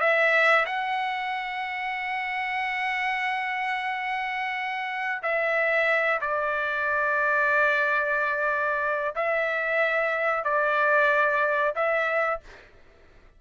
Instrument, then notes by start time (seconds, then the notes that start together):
trumpet
0.00 E5
0.66 F#5
5.23 E5
6.21 D5
9.15 E5
10.44 D5
11.75 E5